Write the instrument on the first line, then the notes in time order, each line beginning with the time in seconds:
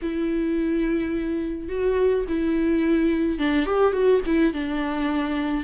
viola
0.02 E4
1.68 F#4
2.28 E4
3.39 D4
3.66 G4
3.92 F#4
4.26 E4
4.53 D4